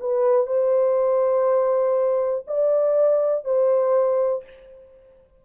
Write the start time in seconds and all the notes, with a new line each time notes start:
0.00 B4
0.46 C5
2.47 D5
3.44 C5